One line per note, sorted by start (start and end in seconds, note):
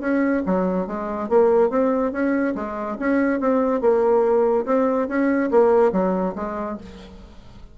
0.00 0.42 C#4
0.46 0.87 F#3
0.87 1.29 G#3
1.29 1.70 A#3
1.70 2.12 C4
2.12 2.54 C#4
2.55 2.97 G#3
2.99 3.40 C#4
3.40 3.81 C4
3.81 4.65 A#3
4.66 5.08 C4
5.08 5.50 C#4
5.51 5.92 A#3
5.92 6.34 F#3
6.35 6.77 G#3